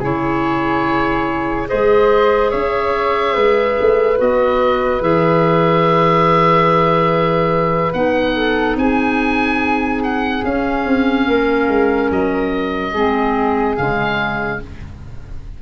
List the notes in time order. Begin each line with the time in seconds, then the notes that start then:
0.00 C#3 E4 G#4 C#5
1.67 G#4 C5 D#5
1.73 G#3
2.51 C#4 C#5 E5
3.34 G#3 B4
3.81 A3
4.18 B3 F#4 D#5
5.01 E3 G#4 E5
7.94 B3 D#4 F#5
8.36 A4
8.76 C4 G#4 G#5
10.03 F#5
10.43 C#4 F5
10.86 C4
11.27 A#3 A#4
11.69 G#3
12.11 F#3 D#5
12.93 G#3 C4 G#4
13.77 C#3 G#3 F5